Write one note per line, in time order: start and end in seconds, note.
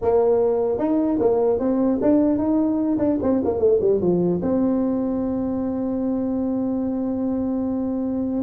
0.01 0.78 A#3
0.78 1.18 D#4
1.19 1.59 A#3
1.59 1.99 C4
2.01 2.38 D4
2.38 2.98 D#4
2.98 3.18 D4
3.22 3.42 C4
3.44 3.58 A#3
3.58 3.78 A3
3.80 4.00 G3
4.00 4.40 F3
4.42 8.42 C4